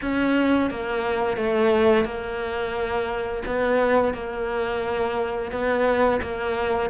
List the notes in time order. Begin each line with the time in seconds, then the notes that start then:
0.01 C#4
0.70 A#3
1.36 A3
2.05 A#3
3.45 B3
4.13 A#3
5.51 B3
6.21 A#3